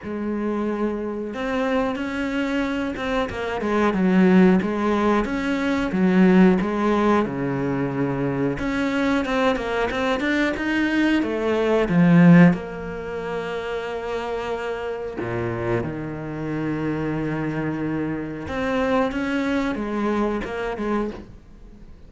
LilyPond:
\new Staff \with { instrumentName = "cello" } { \time 4/4 \tempo 4 = 91 gis2 c'4 cis'4~ | cis'8 c'8 ais8 gis8 fis4 gis4 | cis'4 fis4 gis4 cis4~ | cis4 cis'4 c'8 ais8 c'8 d'8 |
dis'4 a4 f4 ais4~ | ais2. ais,4 | dis1 | c'4 cis'4 gis4 ais8 gis8 | }